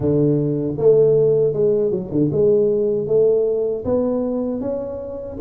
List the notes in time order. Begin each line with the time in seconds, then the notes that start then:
0.00 D3
0.77 A3
1.53 G#3
1.91 F#3
2.11 D3
2.32 G#3
3.07 A3
3.85 B3
4.60 C#4